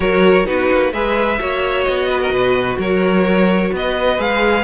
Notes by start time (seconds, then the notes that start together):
0.00 F#3 F#4 A#4 C#5
0.44 B3 D#4 F#4 B4
0.72 A#3
0.92 G#3 G#4 B4 E5
1.38 A#3 F#4 C#5
1.83 B3 D#5
2.08 B4
2.20 A#4
2.30 B2 B4
2.78 F#3 A#4 C#5
3.72 B3 B4 D#5
4.17 G#3 G#4 F5